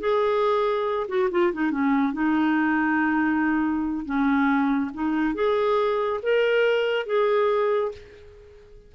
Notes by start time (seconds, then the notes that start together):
0.00 G#4
1.08 F#4
1.31 F4
1.53 D#4
1.71 C#4
2.13 D#4
4.05 C#4
4.94 D#4
5.35 G#4
6.23 A#4
7.06 G#4